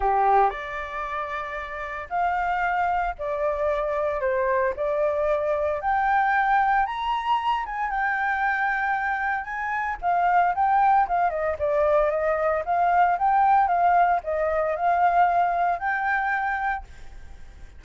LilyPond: \new Staff \with { instrumentName = "flute" } { \time 4/4 \tempo 4 = 114 g'4 d''2. | f''2 d''2 | c''4 d''2 g''4~ | g''4 ais''4. gis''8 g''4~ |
g''2 gis''4 f''4 | g''4 f''8 dis''8 d''4 dis''4 | f''4 g''4 f''4 dis''4 | f''2 g''2 | }